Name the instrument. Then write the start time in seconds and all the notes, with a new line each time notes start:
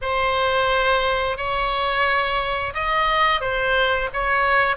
oboe
0.01 C5
1.37 C#5
2.74 D#5
3.41 C5
4.13 C#5